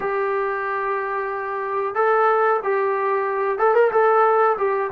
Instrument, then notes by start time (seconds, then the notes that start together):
trombone
0.00 G4
1.94 A4
2.63 G4
3.58 A4
3.74 A#4
3.91 A4
4.57 G4